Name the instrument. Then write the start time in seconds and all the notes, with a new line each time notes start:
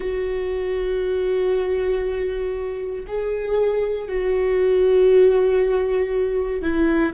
viola
0.00 F#4
3.07 G#4
4.08 F#4
6.61 E4